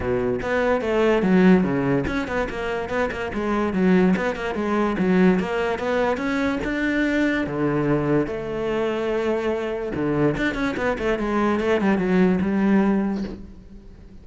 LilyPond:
\new Staff \with { instrumentName = "cello" } { \time 4/4 \tempo 4 = 145 b,4 b4 a4 fis4 | cis4 cis'8 b8 ais4 b8 ais8 | gis4 fis4 b8 ais8 gis4 | fis4 ais4 b4 cis'4 |
d'2 d2 | a1 | d4 d'8 cis'8 b8 a8 gis4 | a8 g8 fis4 g2 | }